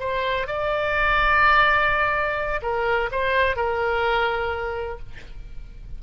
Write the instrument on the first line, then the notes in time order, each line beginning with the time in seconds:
oboe
0.00 C5
0.47 D5
2.62 A#4
3.11 C5
3.56 A#4